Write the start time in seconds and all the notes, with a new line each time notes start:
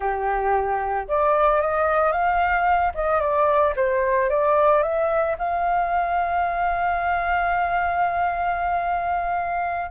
0.00 G4
1.08 D5
1.61 D#5
2.12 F5
2.94 D#5
3.20 D5
3.75 C5
4.29 D5
4.82 E5
5.38 F5